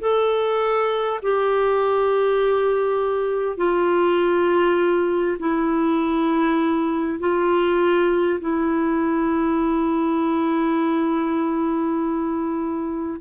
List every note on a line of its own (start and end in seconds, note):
0.00 1.20 A4
1.23 3.57 G4
3.57 5.37 F4
5.39 7.19 E4
7.19 8.39 F4
8.41 13.21 E4